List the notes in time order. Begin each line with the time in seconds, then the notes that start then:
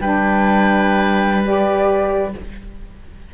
0.00 G3 D4 B4 G5
1.43 G4 D5